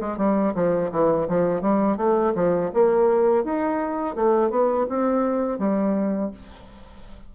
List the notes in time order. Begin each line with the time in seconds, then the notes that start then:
0.00 G#3
0.17 G3
0.54 F3
0.91 E3
1.28 F3
1.61 G3
1.97 A3
2.35 F3
2.74 A#3
3.44 D#4
4.15 A3
4.50 B3
4.89 C4
5.59 G3